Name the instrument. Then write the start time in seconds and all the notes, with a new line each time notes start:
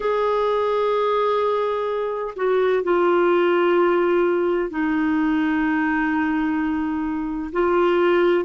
clarinet
0.00 G#4
2.36 F#4
2.83 F4
4.70 D#4
7.52 F4